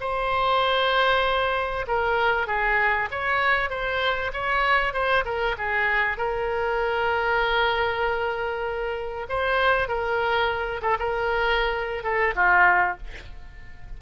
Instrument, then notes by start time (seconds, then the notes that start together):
oboe
0.00 C5
1.88 A#4
2.47 G#4
3.11 C#5
3.69 C5
4.33 C#5
4.93 C5
5.25 A#4
5.58 G#4
6.17 A#4
9.29 C5
9.88 A#4
10.82 A4
10.99 A#4
12.03 A4
12.35 F4